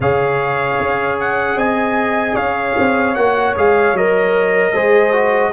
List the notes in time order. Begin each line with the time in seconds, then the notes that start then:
0.00 C#3 G#4 C#5 F5
0.79 C#4
1.19 F#5
1.55 C4 D#5 G#5
2.35 C#4 C#5 F5
2.77 C4
3.14 A#3 F#4 F#5
3.56 G#3 G#4 F5
3.93 F#3 A#4 D#5
4.72 G#3 G#4 C5
5.12 F#4